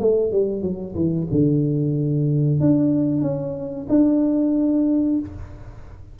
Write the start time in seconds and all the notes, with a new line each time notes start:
0.00 A3
0.31 G3
0.62 F#3
0.95 E3
1.31 D3
2.60 D4
3.21 C#4
3.89 D4